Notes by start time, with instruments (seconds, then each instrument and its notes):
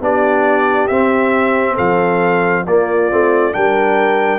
0.00 tuba B3, trombone D4, horn G4, trumpet D5
0.87 tuba C4, trombone C4, trumpet E5
1.74 tuba F3, horn A4, trumpet F5
2.66 tuba A#3, trombone A#3, horn F4, trumpet D5
3.10 tuba A3, trombone C4
3.52 tuba G3, trombone D4, horn A#4, trumpet G5